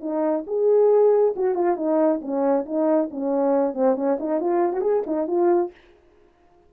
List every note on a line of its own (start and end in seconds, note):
0.00 0.44 D#4
0.47 1.34 G#4
1.36 1.54 F#4
1.54 1.76 F4
1.76 2.20 D#4
2.21 2.65 C#4
2.65 3.09 D#4
3.11 3.74 C#4
3.74 3.95 C4
3.95 4.17 C#4
4.19 4.40 D#4
4.40 4.72 F4
4.72 4.81 F#4
4.81 5.02 G#4
5.06 5.27 D#4
5.27 5.71 F4